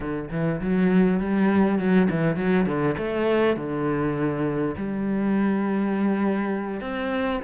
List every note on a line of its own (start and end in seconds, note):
0.00 0.29 D3
0.30 0.60 E3
0.60 1.19 F#3
1.19 1.78 G3
1.78 2.08 F#3
2.10 2.36 E3
2.36 2.65 F#3
2.65 2.95 D3
2.97 3.56 A3
3.56 4.75 D3
4.77 6.80 G3
6.80 7.40 C4